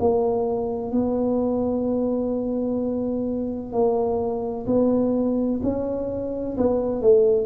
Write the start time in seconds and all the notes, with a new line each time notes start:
0.00 A#3
0.92 B3
3.72 A#3
4.67 B3
5.63 C#4
6.58 B3
7.02 A3